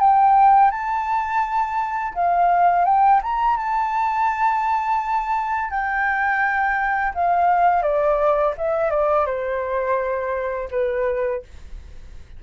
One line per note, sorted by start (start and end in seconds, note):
0.00 0.71 G5
0.71 2.14 A5
2.15 2.85 F5
2.85 3.21 G5
3.23 3.57 A#5
3.57 5.70 A5
5.70 7.13 G5
7.15 7.82 F5
7.82 8.54 D5
8.57 8.90 E5
8.90 9.26 D5
9.26 10.69 C5
10.71 11.42 B4